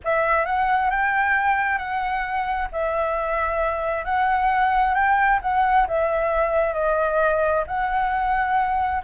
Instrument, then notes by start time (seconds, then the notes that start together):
flute
0.04 E5
0.45 F#5
0.90 G5
1.78 F#5
2.72 E5
4.04 F#5
4.94 G5
5.41 F#5
5.87 E5
6.73 D#5
7.67 F#5